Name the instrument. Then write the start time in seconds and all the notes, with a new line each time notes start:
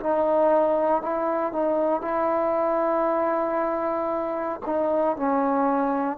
trombone
0.00 D#4
1.03 E4
1.53 D#4
2.02 E4
4.66 D#4
5.17 C#4